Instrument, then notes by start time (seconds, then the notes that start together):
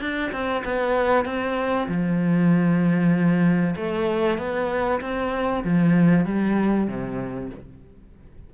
cello
0.00 D4
0.32 C4
0.64 B3
1.25 C4
1.88 F3
3.76 A3
4.38 B3
5.01 C4
5.63 F3
6.25 G3
6.87 C3